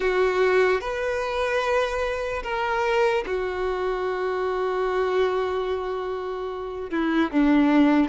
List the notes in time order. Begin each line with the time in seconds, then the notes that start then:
0.00 F#4
0.80 B4
2.43 A#4
3.26 F#4
6.90 E4
7.31 D4